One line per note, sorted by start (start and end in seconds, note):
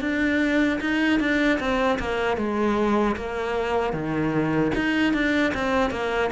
0.00 0.79 D4
0.80 1.19 D#4
1.19 1.59 D4
1.59 1.98 C4
1.99 2.36 A#3
2.36 3.15 G#3
3.16 3.93 A#3
3.93 4.72 D#3
4.75 5.13 D#4
5.13 5.52 D4
5.54 5.90 C4
5.90 6.30 A#3